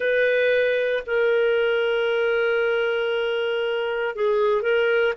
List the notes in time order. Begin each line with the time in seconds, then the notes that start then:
0.00 B4
1.06 A#4
4.15 G#4
4.62 A#4